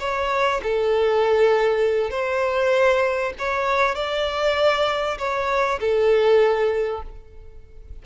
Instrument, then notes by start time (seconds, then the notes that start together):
violin
0.00 C#5
0.63 A4
2.11 C5
3.39 C#5
3.95 D5
5.18 C#5
5.81 A4